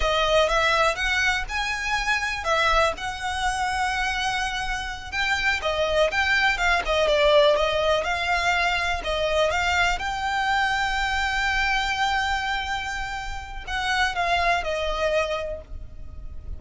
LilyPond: \new Staff \with { instrumentName = "violin" } { \time 4/4 \tempo 4 = 123 dis''4 e''4 fis''4 gis''4~ | gis''4 e''4 fis''2~ | fis''2~ fis''8 g''4 dis''8~ | dis''8 g''4 f''8 dis''8 d''4 dis''8~ |
dis''8 f''2 dis''4 f''8~ | f''8 g''2.~ g''8~ | g''1 | fis''4 f''4 dis''2 | }